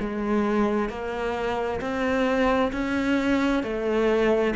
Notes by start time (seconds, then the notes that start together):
0.00 G#3
0.89 A#3
1.81 C4
2.72 C#4
3.63 A3